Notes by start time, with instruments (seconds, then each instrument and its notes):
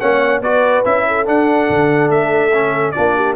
0.00 tuba A#3, trombone C#4, horn C#5, trumpet F#5
0.41 tuba B3, trombone F#4, horn B4, trumpet D5
0.85 tuba C#4, trombone E4, trumpet E5
1.07 horn A4
1.25 trombone D4, tuba D4, trumpet F#5
1.69 tuba D3
2.10 tuba A3, trumpet E5
2.53 trombone C#4
2.91 trombone D4, horn F4, trumpet D5
2.98 tuba A#3
3.16 horn G4